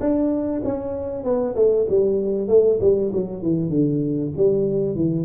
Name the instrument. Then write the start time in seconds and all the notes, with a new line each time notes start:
tuba
0.00 D4
0.64 C#4
1.24 B3
1.55 A3
1.89 G3
2.48 A3
2.81 G3
3.12 F#3
3.42 E3
3.69 D3
4.36 G3
4.95 E3